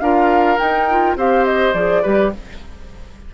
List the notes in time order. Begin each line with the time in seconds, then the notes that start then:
0.00 D4 F4 A#4 F5
0.57 D#4 G5
0.89 F4
1.16 C4 G4 C5 F5
1.45 D#5
1.73 F3 G#4 D5
2.02 G3 G4 B4